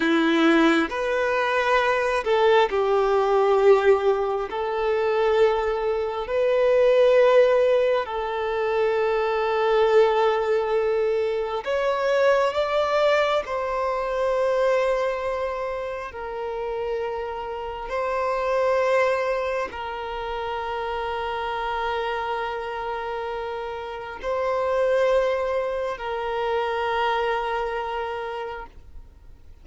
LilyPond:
\new Staff \with { instrumentName = "violin" } { \time 4/4 \tempo 4 = 67 e'4 b'4. a'8 g'4~ | g'4 a'2 b'4~ | b'4 a'2.~ | a'4 cis''4 d''4 c''4~ |
c''2 ais'2 | c''2 ais'2~ | ais'2. c''4~ | c''4 ais'2. | }